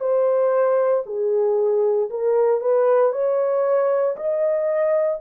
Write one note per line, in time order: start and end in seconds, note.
0.00 1.03 C5
1.06 2.09 G#4
2.10 2.61 A#4
2.61 3.12 B4
3.12 4.16 C#5
4.16 5.20 D#5